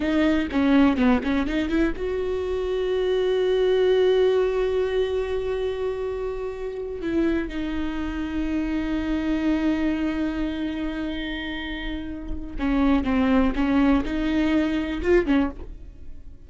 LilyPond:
\new Staff \with { instrumentName = "viola" } { \time 4/4 \tempo 4 = 124 dis'4 cis'4 b8 cis'8 dis'8 e'8 | fis'1~ | fis'1~ | fis'2~ fis'8 e'4 dis'8~ |
dis'1~ | dis'1~ | dis'2 cis'4 c'4 | cis'4 dis'2 f'8 cis'8 | }